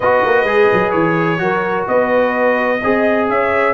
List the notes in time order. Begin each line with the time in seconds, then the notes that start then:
0.00 B3 F#4 B4 D#5
0.25 A#3
0.44 G#3 G#4
0.72 F#3
0.91 E3 C#5
1.38 F#3 F#4 A#4
1.87 B3 B4 D#5
2.80 C4 G#4 D#5
3.29 C#4 C#5 E5